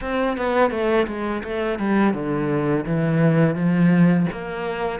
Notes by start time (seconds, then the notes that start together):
0.01 C4
0.37 B3
0.70 A3
1.07 G#3
1.43 A3
1.79 G3
2.13 D3
2.85 E3
3.55 F3
4.31 A#3